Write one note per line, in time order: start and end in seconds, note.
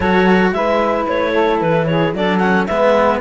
0.00 0.52 F#3
0.00 0.54 F#4
0.00 0.51 A4
0.00 0.51 C#5
0.52 1.05 G#3
0.52 2.15 E4
0.52 1.32 B4
0.52 1.06 E5
1.08 1.61 A3
1.08 1.60 C#5
1.32 1.86 A4
1.60 2.13 E3
1.60 1.86 B4
1.86 2.15 G#4
1.86 2.13 C#5
2.13 2.67 F#3
2.13 2.40 D4
2.13 2.67 A4
2.13 2.38 D5
2.38 2.67 C#4
2.38 2.65 F#5
2.66 3.21 G#3
2.66 3.21 B3
2.66 3.21 B4
2.66 3.20 E5